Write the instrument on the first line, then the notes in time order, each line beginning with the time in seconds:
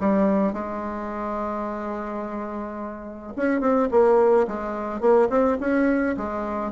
bassoon
0.00 G3
0.53 G#3
3.36 C#4
3.60 C4
3.90 A#3
4.47 G#3
5.00 A#3
5.29 C4
5.60 C#4
6.17 G#3